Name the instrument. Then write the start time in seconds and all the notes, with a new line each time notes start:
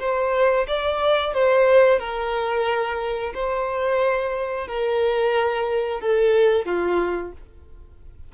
violin
0.00 C5
0.68 D5
1.34 C5
2.00 A#4
3.35 C5
4.68 A#4
6.01 A4
6.66 F4